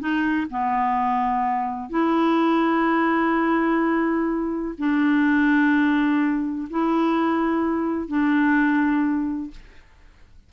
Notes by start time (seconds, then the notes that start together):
0.00 D#4
0.50 B3
1.90 E4
4.79 D4
6.71 E4
8.08 D4